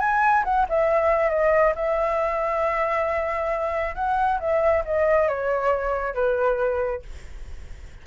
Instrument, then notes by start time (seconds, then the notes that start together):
flute
0.00 G#5
0.44 F#5
0.69 E5
1.30 D#5
1.76 E5
3.95 F#5
4.40 E5
4.85 D#5
5.28 C#5
6.14 B4